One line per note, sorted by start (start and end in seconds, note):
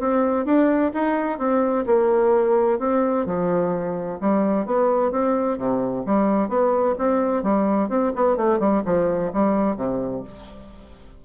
0.00 0.45 C4
0.45 0.92 D4
0.94 1.38 D#4
1.38 1.85 C4
1.86 2.79 A#3
2.79 3.26 C4
3.26 4.19 F3
4.21 4.66 G3
4.66 5.12 B3
5.12 5.58 C4
5.58 6.05 C3
6.06 6.49 G3
6.49 6.95 B3
6.98 7.43 C4
7.43 7.89 G3
7.89 8.12 C4
8.15 8.37 B3
8.37 8.60 A3
8.60 8.83 G3
8.85 9.32 F3
9.33 9.77 G3
9.77 10.23 C3